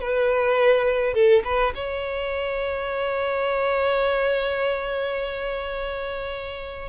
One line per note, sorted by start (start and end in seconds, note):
0.00 1.14 B4
1.14 1.43 A4
1.44 1.73 B4
1.75 6.89 C#5